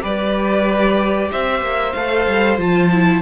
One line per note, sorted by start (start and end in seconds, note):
0.00 1.31 G3
0.00 1.91 G4
0.00 1.30 B4
0.00 1.31 D5
1.31 1.61 C4
1.31 3.21 C5
1.31 1.93 E5
1.61 1.93 A#3
1.93 2.27 A3
1.93 2.58 A4
1.93 2.57 F5
2.28 2.57 G3
2.57 3.21 F3
2.57 2.90 F4
2.57 3.21 A5
2.91 3.21 E4